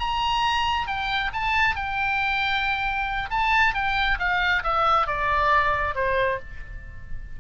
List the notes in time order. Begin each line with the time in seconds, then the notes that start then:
0.00 A#5
0.87 G5
1.33 A5
1.76 G5
3.30 A5
3.75 G5
4.19 F5
4.64 E5
5.07 D5
5.95 C5